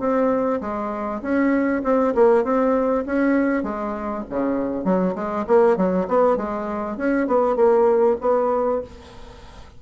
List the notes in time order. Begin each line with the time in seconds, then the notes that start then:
0.00 C4
0.61 G#3
1.22 C#4
1.84 C4
2.15 A#3
2.44 C4
3.07 C#4
3.64 G#3
4.30 C#3
4.85 F#3
5.15 G#3
5.47 A#3
5.77 F#3
6.09 B3
6.37 G#3
6.98 C#4
7.28 B3
7.56 A#3
8.21 B3